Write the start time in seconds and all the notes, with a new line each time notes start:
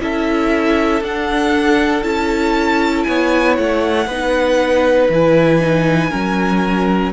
0.00 C#4 E4 A4 E5
1.01 D4 F#5
2.02 C#4 E4 A5
3.03 B3 C#5 G#5
3.58 A3 F#5
4.07 B3 D#4 B4
5.09 E3 E4 G#5
5.60 D#4
6.11 F#3 C#4 A#4